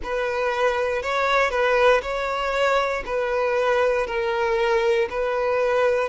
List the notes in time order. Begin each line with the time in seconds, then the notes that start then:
0.03 B4
1.02 C#5
1.50 B4
2.02 C#5
3.05 B4
4.06 A#4
5.09 B4